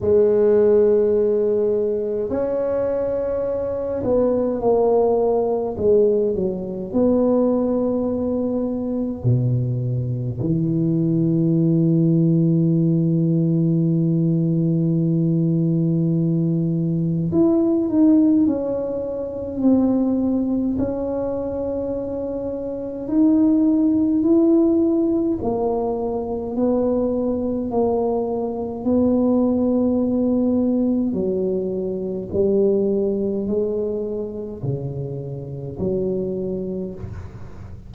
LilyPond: \new Staff \with { instrumentName = "tuba" } { \time 4/4 \tempo 4 = 52 gis2 cis'4. b8 | ais4 gis8 fis8 b2 | b,4 e2.~ | e2. e'8 dis'8 |
cis'4 c'4 cis'2 | dis'4 e'4 ais4 b4 | ais4 b2 fis4 | g4 gis4 cis4 fis4 | }